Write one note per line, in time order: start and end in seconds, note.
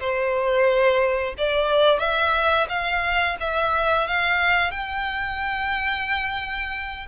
0.00 1.35 C5
1.38 1.99 D5
1.99 2.67 E5
2.69 3.37 F5
3.40 4.08 E5
4.08 4.71 F5
4.71 7.07 G5